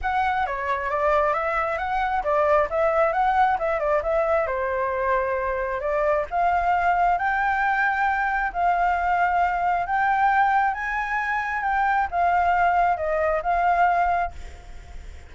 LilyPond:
\new Staff \with { instrumentName = "flute" } { \time 4/4 \tempo 4 = 134 fis''4 cis''4 d''4 e''4 | fis''4 d''4 e''4 fis''4 | e''8 d''8 e''4 c''2~ | c''4 d''4 f''2 |
g''2. f''4~ | f''2 g''2 | gis''2 g''4 f''4~ | f''4 dis''4 f''2 | }